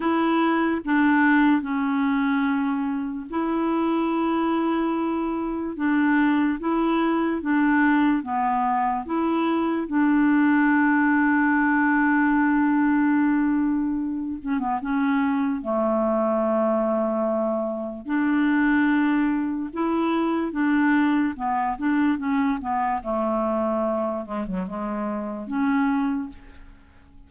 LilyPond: \new Staff \with { instrumentName = "clarinet" } { \time 4/4 \tempo 4 = 73 e'4 d'4 cis'2 | e'2. d'4 | e'4 d'4 b4 e'4 | d'1~ |
d'4. cis'16 b16 cis'4 a4~ | a2 d'2 | e'4 d'4 b8 d'8 cis'8 b8 | a4. gis16 fis16 gis4 cis'4 | }